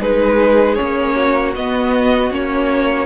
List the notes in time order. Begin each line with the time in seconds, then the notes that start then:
0.00 G#3 D#4 G#4 B4
0.75 C#4 C#5
0.81 A#3
1.15 F#4
1.55 B3 D#5
2.31 A#3 C#4 C#5